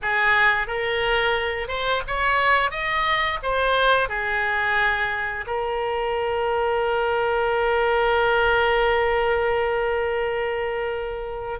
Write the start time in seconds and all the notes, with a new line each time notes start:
0.02 G#4
0.67 A#4
1.67 C5
2.07 C#5
2.70 D#5
3.42 C5
4.08 G#4
5.47 A#4